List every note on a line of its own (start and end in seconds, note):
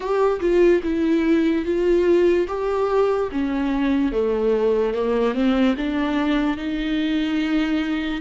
0.00 0.40 G4
0.40 0.81 F4
0.83 1.65 E4
1.65 2.47 F4
2.47 3.29 G4
3.31 4.11 C#4
4.11 4.93 A3
4.93 5.34 A#3
5.34 5.75 C4
5.77 6.57 D4
6.57 8.21 D#4